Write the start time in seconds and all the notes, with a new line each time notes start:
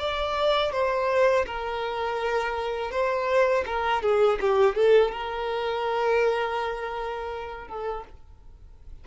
0.00 D5
0.73 C5
1.47 A#4
2.91 C5
3.67 A#4
4.03 G#4
4.41 G4
4.76 A4
5.12 A#4
7.68 A4